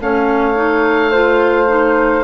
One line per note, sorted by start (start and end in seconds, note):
0.00 2.23 A3
0.00 0.54 C#4
0.00 1.11 C#5
0.00 2.23 F5
0.54 1.11 D#4
1.11 1.67 F4
1.11 2.23 C5
1.67 2.23 D#4